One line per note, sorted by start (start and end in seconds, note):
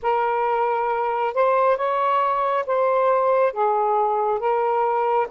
0.02 1.34 A#4
1.34 1.76 C5
1.76 2.65 C#5
2.66 3.52 C5
3.52 4.39 G#4
4.39 5.27 A#4